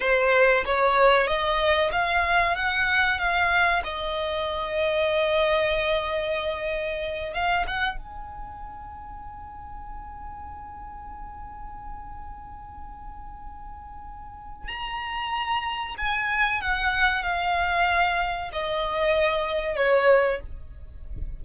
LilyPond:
\new Staff \with { instrumentName = "violin" } { \time 4/4 \tempo 4 = 94 c''4 cis''4 dis''4 f''4 | fis''4 f''4 dis''2~ | dis''2.~ dis''8 f''8 | fis''8 gis''2.~ gis''8~ |
gis''1~ | gis''2. ais''4~ | ais''4 gis''4 fis''4 f''4~ | f''4 dis''2 cis''4 | }